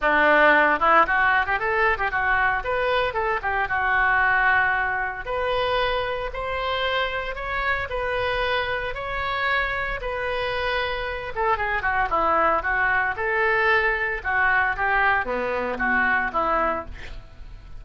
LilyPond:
\new Staff \with { instrumentName = "oboe" } { \time 4/4 \tempo 4 = 114 d'4. e'8 fis'8. g'16 a'8. g'16 | fis'4 b'4 a'8 g'8 fis'4~ | fis'2 b'2 | c''2 cis''4 b'4~ |
b'4 cis''2 b'4~ | b'4. a'8 gis'8 fis'8 e'4 | fis'4 a'2 fis'4 | g'4 b4 fis'4 e'4 | }